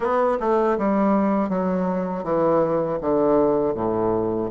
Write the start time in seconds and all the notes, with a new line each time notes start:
0.00 B3
0.40 A3
0.78 G3
1.49 F#3
2.23 E3
3.01 D3
3.74 A2